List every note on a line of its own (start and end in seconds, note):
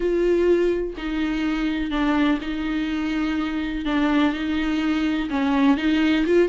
0.00 0.94 F4
0.97 1.90 D#4
1.90 2.38 D4
2.41 3.85 D#4
3.85 4.33 D4
4.33 5.29 D#4
5.30 5.77 C#4
5.77 6.25 D#4
6.25 6.48 F4